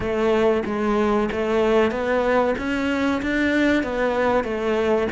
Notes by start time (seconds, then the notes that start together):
0.00 A3
0.65 G#3
1.31 A3
1.91 B3
2.57 C#4
3.21 D4
3.83 B3
4.44 A3